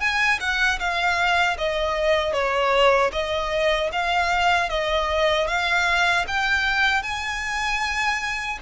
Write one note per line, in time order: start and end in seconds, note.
0.00 0.39 G#5
0.40 0.79 F#5
0.79 1.57 F5
1.58 2.33 D#5
2.33 3.11 C#5
3.12 3.90 D#5
3.92 4.70 F5
4.70 5.48 D#5
5.48 6.26 F5
6.27 7.03 G5
7.03 8.59 G#5